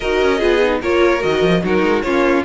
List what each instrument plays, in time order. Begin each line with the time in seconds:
0.00 cello D#4, viola F#4, violin A#4 D#5
0.22 cello C#4
0.38 cello B3, viola F4, violin G#4
0.62 viola D#4
0.80 cello A#3, viola F4, violin A#4 C#5
1.19 cello D#3, viola F#4, violin D#5
1.42 cello F3
1.63 cello F#3, viola D#4, violin F#4 A#4
1.82 cello G#3
2.02 cello A#3, viola C#4, violin F4 C#5